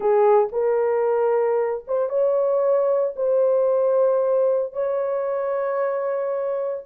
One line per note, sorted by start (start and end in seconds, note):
0.00 0.48 G#4
0.52 1.83 A#4
1.87 2.09 C5
2.09 3.14 C#5
3.16 4.73 C5
4.73 6.83 C#5